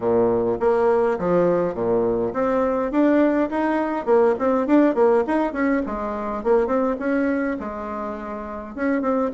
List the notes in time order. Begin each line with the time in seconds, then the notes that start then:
0.00 A#2
0.60 A#3
1.18 F3
1.74 A#2
2.33 C4
2.91 D4
3.50 D#4
4.05 A#3
4.38 C4
4.66 D4
4.95 A#3
5.27 D#4
5.53 C#4
5.85 G#3
6.43 A#3
6.66 C4
6.99 C#4
7.59 G#3
8.75 C#4
9.01 C4